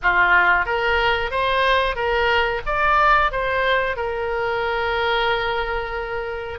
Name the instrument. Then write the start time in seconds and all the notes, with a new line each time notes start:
oboe
0.02 F4
0.65 A#4
1.30 C5
1.95 A#4
2.66 D5
3.31 C5
3.96 A#4